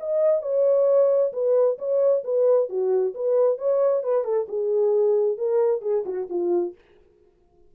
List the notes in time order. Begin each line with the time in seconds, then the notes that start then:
0.00 D#5
0.42 C#5
1.33 B4
1.79 C#5
2.24 B4
2.69 F#4
3.15 B4
3.58 C#5
4.04 B4
4.24 A4
4.49 G#4
5.38 A#4
5.82 G#4
6.06 F#4
6.30 F4